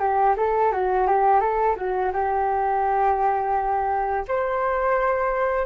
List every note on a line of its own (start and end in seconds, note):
0.00 0.35 G4
0.37 0.72 A4
0.72 1.07 F#4
1.07 1.41 G4
1.41 1.76 A4
1.76 2.12 F#4
2.13 4.25 G4
4.28 5.66 C5